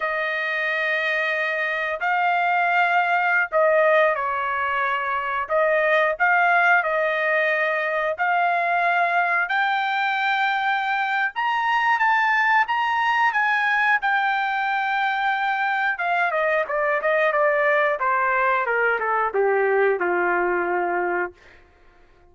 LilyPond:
\new Staff \with { instrumentName = "trumpet" } { \time 4/4 \tempo 4 = 90 dis''2. f''4~ | f''4~ f''16 dis''4 cis''4.~ cis''16~ | cis''16 dis''4 f''4 dis''4.~ dis''16~ | dis''16 f''2 g''4.~ g''16~ |
g''4 ais''4 a''4 ais''4 | gis''4 g''2. | f''8 dis''8 d''8 dis''8 d''4 c''4 | ais'8 a'8 g'4 f'2 | }